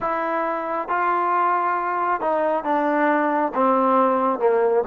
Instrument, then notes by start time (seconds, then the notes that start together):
trombone
0.00 E4
0.88 F4
2.21 D#4
2.64 D4
3.54 C4
4.39 A#3